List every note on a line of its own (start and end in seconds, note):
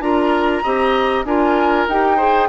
0.00 0.62 D4
0.00 0.62 F4
0.00 0.63 A#4
0.00 1.24 A#5
0.63 1.24 C4
0.63 1.26 G4
0.63 1.25 D#5
1.24 1.86 D4
1.24 1.88 F4
1.24 2.16 A#4
1.24 1.86 G#5
1.88 2.48 D#4
1.88 2.18 G4
1.88 2.48 G5
2.16 2.48 G#4
2.16 2.47 C5